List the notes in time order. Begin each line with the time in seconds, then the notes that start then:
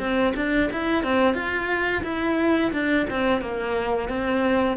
0.00 C4
0.36 D4
0.73 E4
1.04 C4
1.35 F4
2.04 E4
2.73 D4
3.10 C4
3.42 A#3
4.09 C4